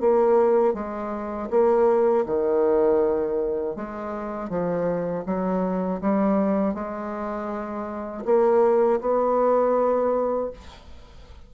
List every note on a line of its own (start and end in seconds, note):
0.00 0.74 A#3
0.74 1.49 G#3
1.50 2.25 A#3
2.25 3.75 D#3
3.76 4.49 G#3
4.49 5.24 F3
5.25 6.00 F#3
6.01 6.74 G3
6.74 8.24 G#3
8.25 9.00 A#3
9.00 10.50 B3